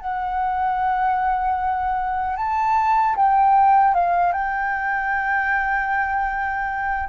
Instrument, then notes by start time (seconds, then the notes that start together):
flute
0.00 F#5
2.36 A5
3.16 G5
3.94 F5
4.32 G5